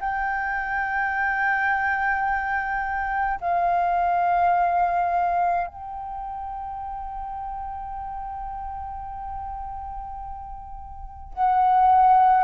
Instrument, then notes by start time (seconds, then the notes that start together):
flute
0.00 G5
3.40 F5
5.67 G5
11.33 F#5